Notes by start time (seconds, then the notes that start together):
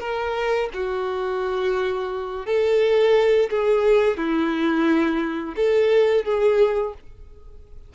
0.00 A#4
0.74 F#4
2.46 A4
3.50 G#4
4.17 E4
5.56 A4
6.24 G#4